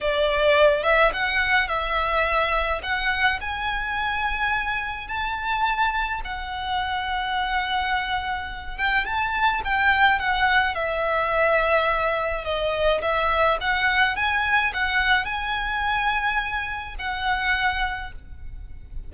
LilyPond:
\new Staff \with { instrumentName = "violin" } { \time 4/4 \tempo 4 = 106 d''4. e''8 fis''4 e''4~ | e''4 fis''4 gis''2~ | gis''4 a''2 fis''4~ | fis''2.~ fis''8 g''8 |
a''4 g''4 fis''4 e''4~ | e''2 dis''4 e''4 | fis''4 gis''4 fis''4 gis''4~ | gis''2 fis''2 | }